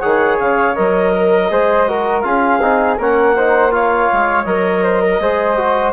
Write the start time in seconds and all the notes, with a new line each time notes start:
0.00 D#3 G#4 C#5 F#5
0.39 C#3 F5
0.75 F#3 A#4 D#5
1.13 A#4
1.50 G#3 G#4 C5
1.87 F#4 A#4
2.21 C#4 F4 G#4 F5
2.61 C4 D#4
2.98 A#3 C#4 A#4 F#5
3.36 D#4 C5
3.71 F4 C#5 F5
4.13 G#3
4.45 F#3 A#4 D#5
4.83 C5
5.02 A#4
5.19 G#3 G#4 C5
5.58 F#4